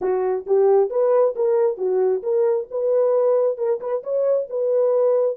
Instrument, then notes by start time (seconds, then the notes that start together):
horn
0.01 F#4
0.46 G4
0.90 B4
1.35 A#4
1.77 F#4
2.23 A#4
2.70 B4
3.57 A#4
3.80 B4
4.03 C#5
4.49 B4